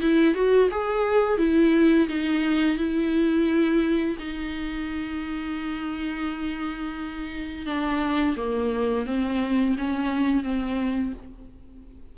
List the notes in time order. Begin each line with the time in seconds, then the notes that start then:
0.00 E4
0.34 F#4
0.70 G#4
1.38 E4
2.08 D#4
2.77 E4
4.19 D#4
7.66 D4
8.37 A#3
9.06 C4
9.78 C#4
10.43 C4